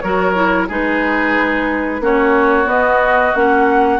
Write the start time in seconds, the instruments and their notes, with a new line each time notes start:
0.00 bassoon F#3, clarinet F#4, oboe A#4, flute C#5
0.35 clarinet E4
0.68 bassoon G#3, clarinet D#4, oboe G#4, flute B4
2.00 bassoon A#3, clarinet C#4, oboe F#4, flute C#5
2.65 clarinet B3, bassoon B3, flute D#5
3.34 bassoon A#3, clarinet C#4, flute F#5